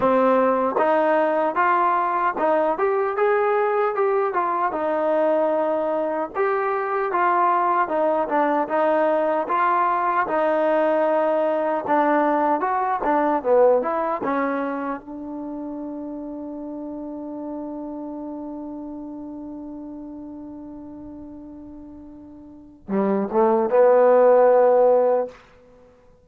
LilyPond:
\new Staff \with { instrumentName = "trombone" } { \time 4/4 \tempo 4 = 76 c'4 dis'4 f'4 dis'8 g'8 | gis'4 g'8 f'8 dis'2 | g'4 f'4 dis'8 d'8 dis'4 | f'4 dis'2 d'4 |
fis'8 d'8 b8 e'8 cis'4 d'4~ | d'1~ | d'1~ | d'4 g8 a8 b2 | }